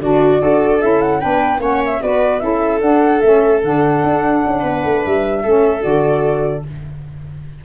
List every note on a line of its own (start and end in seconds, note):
0.00 0.40 D3
0.00 0.39 D4
0.00 0.42 F#4
0.00 0.81 D5
0.39 0.82 D4
0.39 0.79 F#4
0.39 1.21 A4
0.81 1.24 C#4
0.81 1.21 E4
0.81 1.02 E5
1.02 1.21 F#5
1.21 1.59 B3
1.21 1.59 D4
1.21 1.61 B4
1.21 1.61 G5
1.59 2.00 A#3
1.59 2.00 C#4
1.59 2.02 C#5
1.59 1.83 F#5
1.85 2.02 E5
2.01 2.43 B3
2.01 2.40 F#4
2.01 2.43 B4
2.01 2.40 D5
2.40 2.81 C#4
2.40 2.80 E4
2.40 4.60 A4
2.40 2.80 E5
2.81 3.21 D4
2.81 3.22 D4
2.81 3.21 F#5
3.21 3.63 A3
3.21 3.64 C#4
3.21 3.61 E5
3.63 4.03 D3
3.63 5.45 D4
3.63 5.05 F#5
4.04 4.44 D4
4.47 4.63 C#4
4.60 4.83 B3
4.60 5.41 B4
4.84 5.04 A3
5.05 5.45 G3
5.05 5.83 E5
5.44 5.84 A3
5.44 5.82 C#4
5.44 6.64 A4
5.82 6.65 D3
5.82 6.62 F#4
5.82 6.64 D5